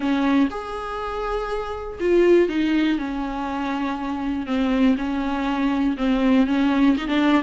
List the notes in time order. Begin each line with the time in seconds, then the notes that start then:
0.00 C#4
0.50 G#4
2.00 F4
2.48 D#4
2.98 C#4
4.46 C4
4.97 C#4
5.97 C4
6.46 C#4
6.97 D#4
7.07 D4